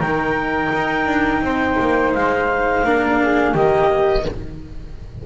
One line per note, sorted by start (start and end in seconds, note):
0.00 0.71 D#3
0.00 2.85 D#4
0.00 1.41 A#4
0.00 2.12 G5
0.73 1.06 D#4
1.06 1.41 D4
1.42 1.77 C4
1.42 2.86 C5
1.80 2.15 A#3
2.14 2.84 G#3
2.14 3.55 F5
2.84 3.54 A#3
2.84 3.55 D4
2.84 3.21 A#4
3.21 3.53 G#4
3.53 4.25 D#3
3.53 4.26 A#3
3.53 4.24 G4
3.53 4.26 D#5